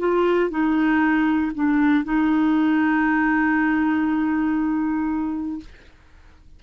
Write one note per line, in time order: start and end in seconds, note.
0.00 0.51 F4
0.51 1.52 D#4
1.55 2.05 D4
2.05 5.60 D#4